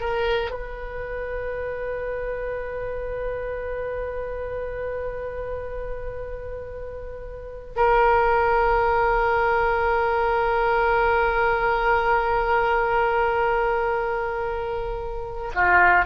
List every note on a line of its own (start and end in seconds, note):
0.00 0.51 A#4
0.51 7.75 B4
7.76 15.52 A#4
15.55 16.05 F4